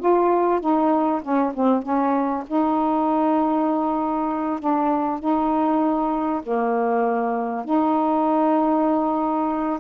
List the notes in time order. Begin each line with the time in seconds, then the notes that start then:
0.00 F4
0.61 D#4
1.22 C#4
1.54 C4
1.83 C#4
2.47 D#4
4.60 D4
5.20 D#4
6.43 A#3
7.65 D#4